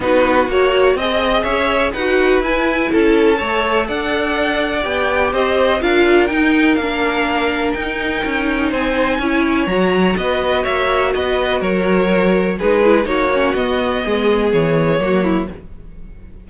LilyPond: <<
  \new Staff \with { instrumentName = "violin" } { \time 4/4 \tempo 4 = 124 b'4 cis''4 dis''4 e''4 | fis''4 gis''4 a''2 | fis''2 g''4 dis''4 | f''4 g''4 f''2 |
g''2 gis''2 | ais''4 dis''4 e''4 dis''4 | cis''2 b'4 cis''4 | dis''2 cis''2 | }
  \new Staff \with { instrumentName = "violin" } { \time 4/4 fis'2 dis''4 cis''4 | b'2 a'4 cis''4 | d''2. c''4 | ais'1~ |
ais'2 c''4 cis''4~ | cis''4 b'4 cis''4 b'4 | ais'2 gis'4 fis'4~ | fis'4 gis'2 fis'8 e'8 | }
  \new Staff \with { instrumentName = "viola" } { \time 4/4 dis'4 fis'4 gis'2 | fis'4 e'2 a'4~ | a'2 g'2 | f'4 dis'4 d'2 |
dis'2. e'4 | fis'1~ | fis'2 dis'8 e'8 dis'8 cis'8 | b2. ais4 | }
  \new Staff \with { instrumentName = "cello" } { \time 4/4 b4 ais4 c'4 cis'4 | dis'4 e'4 cis'4 a4 | d'2 b4 c'4 | d'4 dis'4 ais2 |
dis'4 cis'4 c'4 cis'4 | fis4 b4 ais4 b4 | fis2 gis4 ais4 | b4 gis4 e4 fis4 | }
>>